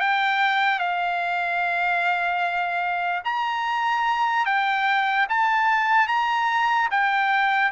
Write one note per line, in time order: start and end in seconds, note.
0.00 0.79 G5
0.79 3.22 F5
3.25 4.46 A#5
4.46 5.27 G5
5.29 6.08 A5
6.08 6.89 A#5
6.91 7.72 G5